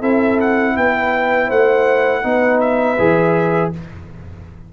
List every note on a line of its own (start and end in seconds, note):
0.00 0.76 C4
0.00 2.24 E4
0.00 0.74 A4
0.00 0.40 E5
0.41 0.77 F#5
0.77 1.51 B3
0.77 1.48 B4
0.77 1.51 G5
1.48 2.24 A3
1.48 2.22 C5
1.48 2.61 F#5
2.24 2.98 B3
2.24 2.98 D#4
2.24 3.73 B4
2.61 3.72 E5
2.99 3.73 E3
2.99 3.73 G#4